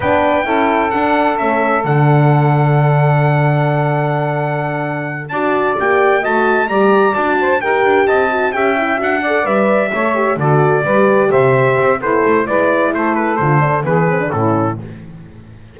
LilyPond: <<
  \new Staff \with { instrumentName = "trumpet" } { \time 4/4 \tempo 4 = 130 g''2 fis''4 e''4 | fis''1~ | fis''2.~ fis''8 a''8~ | a''8 g''4 a''4 ais''4 a''8~ |
a''8 g''4 a''4 g''4 fis''8~ | fis''8 e''2 d''4.~ | d''8 e''4. c''4 d''4 | c''8 b'8 c''4 b'4 a'4 | }
  \new Staff \with { instrumentName = "saxophone" } { \time 4/4 b'4 a'2.~ | a'1~ | a'2.~ a'8 d''8~ | d''4. dis''4 d''4. |
c''8 ais'4 dis''4 e''4. | d''4. cis''4 a'4 b'8~ | b'8 c''4. e'4 b'4 | a'2 gis'4 e'4 | }
  \new Staff \with { instrumentName = "horn" } { \time 4/4 d'4 e'4 d'4 cis'4 | d'1~ | d'2.~ d'8 fis'8~ | fis'8 g'4 fis'4 g'4 fis'8~ |
fis'8 g'4. fis'8 g'8 e'8 fis'8 | a'8 b'4 a'8 g'8 fis'4 g'8~ | g'2 a'4 e'4~ | e'4 f'8 d'8 b8 c'16 d'16 cis'4 | }
  \new Staff \with { instrumentName = "double bass" } { \time 4/4 b4 cis'4 d'4 a4 | d1~ | d2.~ d8 d'8~ | d'8 ais4 a4 g4 d'8~ |
d'8 dis'8 d'8 c'4 cis'4 d'8~ | d'8 g4 a4 d4 g8~ | g8 c4 c'8 b8 a8 gis4 | a4 d4 e4 a,4 | }
>>